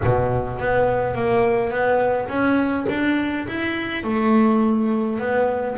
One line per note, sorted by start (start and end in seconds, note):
0.04 0.59 B2
0.59 1.14 B3
1.14 1.70 A#3
1.70 2.28 B3
2.28 2.86 C#4
2.89 3.47 D4
3.47 4.03 E4
4.03 5.19 A3
5.19 5.76 B3